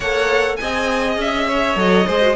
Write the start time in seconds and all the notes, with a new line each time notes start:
0.00 A#3 A4 C#5 F#5
0.56 C4 G#4 D#5 G#5
1.16 C#4 E5
1.48 C#5
1.75 F#3 A4 D#5
2.06 G#3 G#4 C5
2.21 F#4